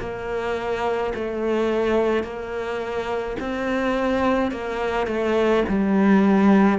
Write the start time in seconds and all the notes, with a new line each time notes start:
0.00 A#3
1.15 A3
2.24 A#3
3.40 C4
4.52 A#3
5.07 A3
5.69 G3